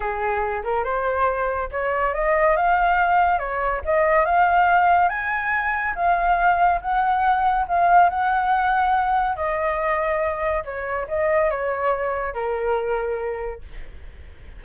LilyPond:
\new Staff \with { instrumentName = "flute" } { \time 4/4 \tempo 4 = 141 gis'4. ais'8 c''2 | cis''4 dis''4 f''2 | cis''4 dis''4 f''2 | gis''2 f''2 |
fis''2 f''4 fis''4~ | fis''2 dis''2~ | dis''4 cis''4 dis''4 cis''4~ | cis''4 ais'2. | }